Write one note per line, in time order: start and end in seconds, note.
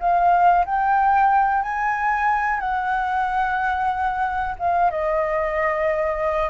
0.00 0.65 F5
0.65 1.62 G5
1.62 2.60 G#5
2.60 4.55 F#5
4.59 4.91 F5
4.91 6.50 D#5